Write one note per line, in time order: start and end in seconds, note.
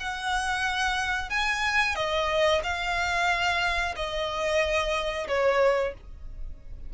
0.00 1.30 F#5
1.30 1.96 G#5
1.96 2.62 D#5
2.63 3.95 F5
3.96 5.28 D#5
5.28 5.94 C#5